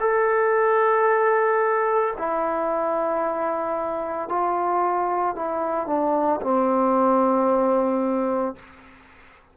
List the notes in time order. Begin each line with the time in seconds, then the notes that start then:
0.00 A4
2.18 E4
4.29 F4
5.36 E4
5.87 D4
6.41 C4